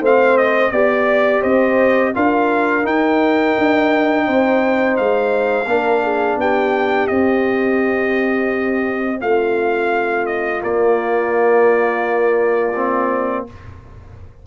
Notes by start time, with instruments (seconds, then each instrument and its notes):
0.00 tuba A3, trombone C4, horn C5, trumpet F5
0.37 trumpet D#5
0.71 tuba B3, trombone G4, trumpet D5, horn D5
1.41 tuba C4, horn C5, trumpet D#5
2.14 tuba D4, trombone F4, horn A#4, trumpet F5
2.83 trombone D#4, tuba D#4, trumpet G5
3.58 tuba D4
4.26 tuba C4, horn C5
4.96 tuba G#3, trumpet F5
5.65 tuba A#3, trombone D4, horn A#4
6.04 horn G#4
6.37 tuba B3, horn G4, trumpet G5
7.07 trombone C4, tuba C4, trumpet D#5
9.21 tuba A3, horn F4, trumpet F5
10.26 trumpet D#5
10.61 trombone A#3, tuba A#3, trumpet D5
12.76 trombone C4